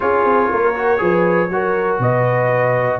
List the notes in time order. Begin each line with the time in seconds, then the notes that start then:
0.00 C#4 F4 G#4 C#5
0.24 C4
0.50 A#3 A#4
0.74 F#4
0.98 F3 G#4 B4
1.49 F#3 F#4 A#4
1.99 B2 B4 D#5